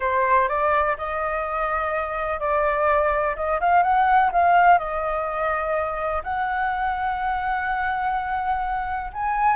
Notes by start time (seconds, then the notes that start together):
0.00 C5
0.48 D5
0.97 D#5
2.39 D5
3.36 D#5
3.60 F5
3.82 F#5
4.32 F5
4.78 D#5
6.23 F#5
9.13 G#5